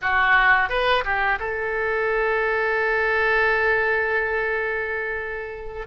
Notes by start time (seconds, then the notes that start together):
0.01 F#4
0.69 B4
1.04 G4
1.39 A4